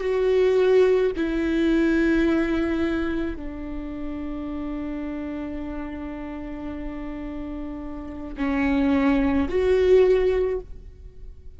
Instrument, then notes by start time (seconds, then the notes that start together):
viola
0.00 F#4
1.16 E4
3.36 D4
8.36 C#4
9.48 F#4